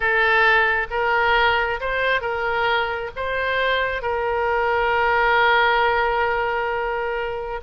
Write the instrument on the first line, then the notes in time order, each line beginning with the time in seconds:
oboe
0.00 A4
0.90 A#4
1.80 C5
2.21 A#4
3.15 C5
4.02 A#4